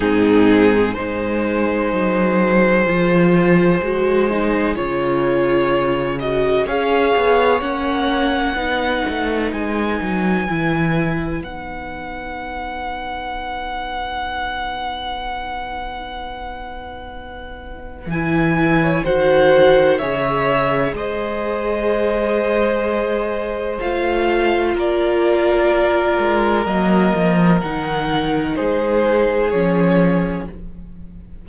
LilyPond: <<
  \new Staff \with { instrumentName = "violin" } { \time 4/4 \tempo 4 = 63 gis'4 c''2.~ | c''4 cis''4. dis''8 f''4 | fis''2 gis''2 | fis''1~ |
fis''2. gis''4 | fis''4 e''4 dis''2~ | dis''4 f''4 d''2 | dis''4 fis''4 c''4 cis''4 | }
  \new Staff \with { instrumentName = "violin" } { \time 4/4 dis'4 gis'2.~ | gis'2. cis''4~ | cis''4 b'2.~ | b'1~ |
b'2.~ b'8. cis''16 | c''4 cis''4 c''2~ | c''2 ais'2~ | ais'2 gis'2 | }
  \new Staff \with { instrumentName = "viola" } { \time 4/4 c'4 dis'2 f'4 | fis'8 dis'8 f'4. fis'8 gis'4 | cis'4 dis'2 e'4 | dis'1~ |
dis'2. e'4 | fis'4 gis'2.~ | gis'4 f'2. | ais4 dis'2 cis'4 | }
  \new Staff \with { instrumentName = "cello" } { \time 4/4 gis,4 gis4 fis4 f4 | gis4 cis2 cis'8 b8 | ais4 b8 a8 gis8 fis8 e4 | b1~ |
b2. e4 | dis4 cis4 gis2~ | gis4 a4 ais4. gis8 | fis8 f8 dis4 gis4 f4 | }
>>